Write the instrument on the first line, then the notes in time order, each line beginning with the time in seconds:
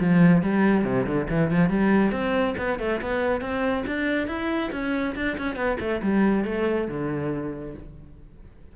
cello
0.00 F3
0.42 G3
0.84 C3
1.06 D3
1.29 E3
1.51 F3
1.70 G3
2.12 C4
2.58 B3
2.79 A3
3.01 B3
3.41 C4
3.87 D4
4.28 E4
4.72 C#4
5.16 D4
5.38 C#4
5.56 B3
5.80 A3
6.02 G3
6.45 A3
6.88 D3